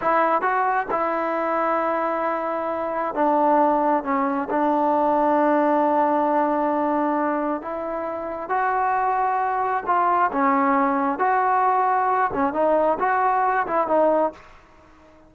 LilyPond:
\new Staff \with { instrumentName = "trombone" } { \time 4/4 \tempo 4 = 134 e'4 fis'4 e'2~ | e'2. d'4~ | d'4 cis'4 d'2~ | d'1~ |
d'4 e'2 fis'4~ | fis'2 f'4 cis'4~ | cis'4 fis'2~ fis'8 cis'8 | dis'4 fis'4. e'8 dis'4 | }